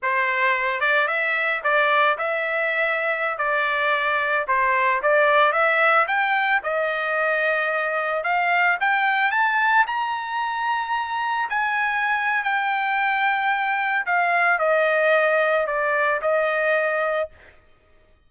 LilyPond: \new Staff \with { instrumentName = "trumpet" } { \time 4/4 \tempo 4 = 111 c''4. d''8 e''4 d''4 | e''2~ e''16 d''4.~ d''16~ | d''16 c''4 d''4 e''4 g''8.~ | g''16 dis''2. f''8.~ |
f''16 g''4 a''4 ais''4.~ ais''16~ | ais''4~ ais''16 gis''4.~ gis''16 g''4~ | g''2 f''4 dis''4~ | dis''4 d''4 dis''2 | }